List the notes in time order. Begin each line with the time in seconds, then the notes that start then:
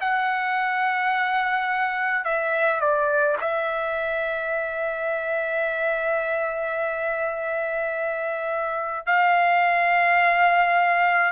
0.00 F#5
2.24 E5
2.80 D5
3.41 E5
9.06 F5